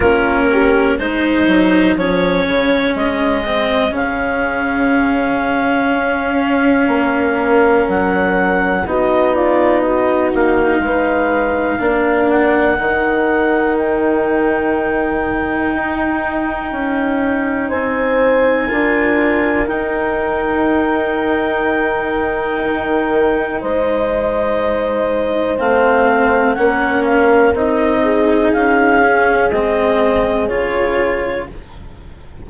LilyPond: <<
  \new Staff \with { instrumentName = "clarinet" } { \time 4/4 \tempo 4 = 61 ais'4 c''4 cis''4 dis''4 | f''1 | fis''4 dis''8 d''8 dis''8 f''4.~ | f''8 fis''4. g''2~ |
g''2 gis''2 | g''1 | dis''2 f''4 fis''8 f''8 | dis''4 f''4 dis''4 cis''4 | }
  \new Staff \with { instrumentName = "horn" } { \time 4/4 f'8 g'8 gis'2.~ | gis'2. ais'4~ | ais'4 fis'8 f'8 fis'4 b'4 | ais'1~ |
ais'2 c''4 ais'4~ | ais'1 | c''2. ais'4~ | ais'8 gis'2.~ gis'8 | }
  \new Staff \with { instrumentName = "cello" } { \time 4/4 cis'4 dis'4 cis'4. c'8 | cis'1~ | cis'4 dis'2. | d'4 dis'2.~ |
dis'2. f'4 | dis'1~ | dis'2 c'4 cis'4 | dis'4. cis'8 c'4 f'4 | }
  \new Staff \with { instrumentName = "bassoon" } { \time 4/4 ais4 gis8 fis8 f8 cis8 gis4 | cis2 cis'4 ais4 | fis4 b4. ais8 gis4 | ais4 dis2. |
dis'4 cis'4 c'4 d'4 | dis'2. dis4 | gis2 a4 ais4 | c'4 cis'4 gis4 cis4 | }
>>